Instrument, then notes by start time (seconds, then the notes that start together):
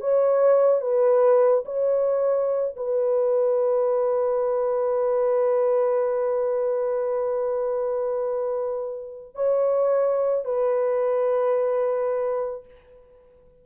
horn
0.00 C#5
0.81 B4
1.65 C#5
2.76 B4
9.35 C#5
10.44 B4